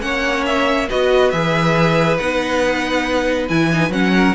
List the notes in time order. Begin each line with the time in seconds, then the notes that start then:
0.00 A#3 C#4 C#5 F#5
0.46 E5
0.88 B3 F#4 B4 D#5
1.31 E3 G#4 E5
2.17 B3 D#4 F#5
3.49 E3 E4 G#5
3.72 D#4
3.89 F#3 C#4 F#5
4.14 A#4